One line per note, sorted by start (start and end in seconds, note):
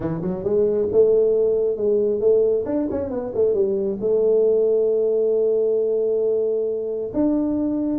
0.00 0.21 E3
0.21 0.43 F#3
0.43 0.88 G#3
0.92 1.76 A3
1.76 2.20 G#3
2.20 2.64 A3
2.65 2.87 D4
2.91 3.10 C#4
3.10 3.32 B3
3.34 3.54 A3
3.54 3.98 G3
4.00 7.11 A3
7.13 7.98 D4